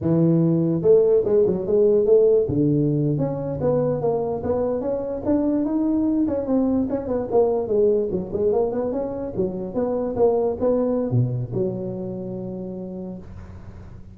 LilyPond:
\new Staff \with { instrumentName = "tuba" } { \time 4/4 \tempo 4 = 146 e2 a4 gis8 fis8 | gis4 a4 d4.~ d16 cis'16~ | cis'8. b4 ais4 b4 cis'16~ | cis'8. d'4 dis'4. cis'8 c'16~ |
c'8. cis'8 b8 ais4 gis4 fis16~ | fis16 gis8 ais8 b8 cis'4 fis4 b16~ | b8. ais4 b4~ b16 b,4 | fis1 | }